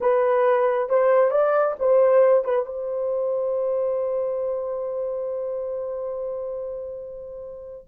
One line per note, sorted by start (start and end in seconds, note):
0.00 0.89 B4
0.89 1.30 C5
1.30 1.75 D5
1.79 2.44 C5
2.44 2.65 B4
2.65 7.87 C5